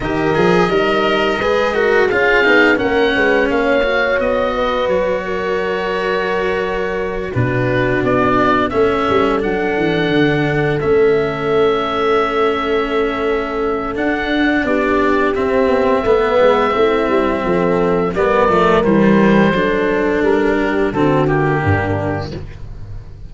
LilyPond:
<<
  \new Staff \with { instrumentName = "oboe" } { \time 4/4 \tempo 4 = 86 dis''2. f''4 | fis''4 f''4 dis''4 cis''4~ | cis''2~ cis''8 b'4 d''8~ | d''8 e''4 fis''2 e''8~ |
e''1 | fis''4 d''4 e''2~ | e''2 d''4 c''4~ | c''4 ais'4 a'8 g'4. | }
  \new Staff \with { instrumentName = "horn" } { \time 4/4 ais'4 dis'4 b'8 ais'8 gis'4 | ais'8 b'8 cis''4. b'4 ais'8~ | ais'2~ ais'8 fis'4.~ | fis'8 a'2.~ a'8~ |
a'1~ | a'4 g'2 b'4 | e'4 a'4 ais'2 | a'4. g'8 fis'4 d'4 | }
  \new Staff \with { instrumentName = "cello" } { \time 4/4 g'8 gis'8 ais'4 gis'8 fis'8 f'8 dis'8 | cis'4. fis'2~ fis'8~ | fis'2~ fis'8 d'4.~ | d'8 cis'4 d'2 cis'8~ |
cis'1 | d'2 c'4 b4 | c'2 b8 a8 g4 | d'2 c'8 ais4. | }
  \new Staff \with { instrumentName = "tuba" } { \time 4/4 dis8 f8 g4 gis4 cis'8 b8 | ais8 gis8 ais4 b4 fis4~ | fis2~ fis8 b,4 b8~ | b8 a8 g8 fis8 e8 d4 a8~ |
a1 | d'4 b4 c'8 b8 a8 gis8 | a8 g8 f4 g8 f8 e4 | fis4 g4 d4 g,4 | }
>>